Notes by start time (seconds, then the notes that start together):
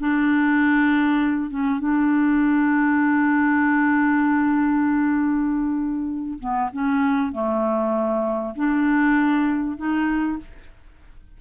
0.00 D4
1.51 C#4
1.80 D4
6.40 B3
6.73 C#4
7.32 A3
8.56 D4
9.77 D#4